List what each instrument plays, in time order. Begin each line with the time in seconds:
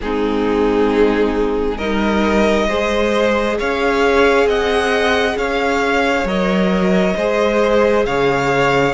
0.01 cello G#3, viola C4, violin D#4 G#4
1.76 cello G3, viola D#4, violin A#4 D#5
2.68 cello G#3, viola G#4, violin C5
3.59 cello C#4, violin C#5 F5
4.45 cello C4, violin D#5 F#5
5.36 cello C#4, violin C#5 F5
6.24 cello F#3, viola A#4, violin D#5
7.16 cello G#3, viola G#4, violin C5
8.05 cello C#3, violin C#5 F5